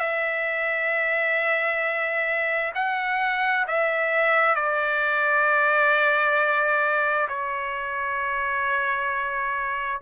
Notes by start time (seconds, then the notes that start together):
0.00 E5
2.76 F#5
3.68 E5
4.56 D5
7.29 C#5